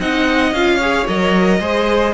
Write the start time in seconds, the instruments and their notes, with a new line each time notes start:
0.00 cello C4, viola D#4, violin D#5 F#5
0.53 cello C#4, viola F4, violin F5
0.76 viola G#4, violin C#5
1.08 cello F#3, viola A#4, violin D#5
1.60 cello G#3, viola G#4, violin C5